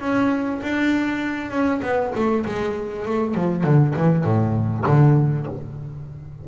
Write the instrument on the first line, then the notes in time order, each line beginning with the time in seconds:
double bass
0.00 C#4
0.62 D4
1.50 C#4
1.82 B3
2.15 A3
2.45 G#3
3.06 A3
3.34 F3
3.64 D3
3.96 E3
4.24 A2
4.86 D3